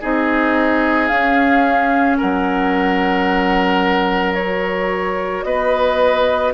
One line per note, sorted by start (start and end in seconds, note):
0.00 1.10 C4
0.00 1.10 D#4
0.00 2.17 G#4
0.00 1.07 D#5
1.07 2.19 C#4
1.07 4.38 C#4
1.07 2.16 F5
2.17 5.44 F#3
2.17 5.44 A#4
2.17 4.34 F#5
4.34 6.53 F#4
4.34 5.43 C#5
5.43 6.53 B3
5.43 6.53 B4
5.43 6.52 D#5